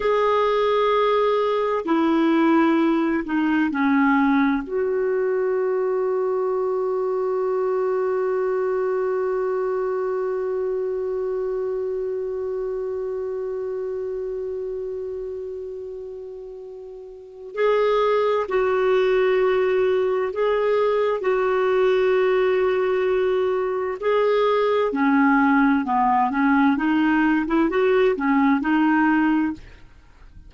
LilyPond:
\new Staff \with { instrumentName = "clarinet" } { \time 4/4 \tempo 4 = 65 gis'2 e'4. dis'8 | cis'4 fis'2.~ | fis'1~ | fis'1~ |
fis'2. gis'4 | fis'2 gis'4 fis'4~ | fis'2 gis'4 cis'4 | b8 cis'8 dis'8. e'16 fis'8 cis'8 dis'4 | }